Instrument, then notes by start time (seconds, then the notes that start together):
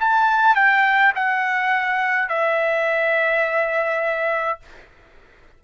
trumpet
0.00 A5
0.55 G5
1.15 F#5
2.29 E5